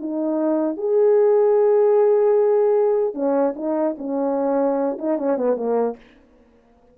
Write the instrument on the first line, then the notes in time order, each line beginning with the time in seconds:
horn
0.00 D#4
0.78 G#4
3.15 C#4
3.56 D#4
3.98 C#4
4.99 D#4
5.19 C#4
5.37 B3
5.57 A#3